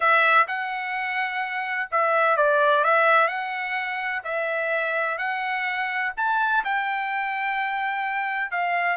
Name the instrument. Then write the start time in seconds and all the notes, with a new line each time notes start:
trumpet
0.00 E5
0.47 F#5
1.91 E5
2.36 D5
2.84 E5
3.27 F#5
4.23 E5
5.17 F#5
6.16 A5
6.64 G5
8.51 F5